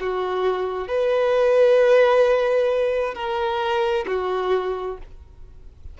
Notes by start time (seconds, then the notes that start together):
0.00 F#4
0.88 B4
3.14 A#4
4.07 F#4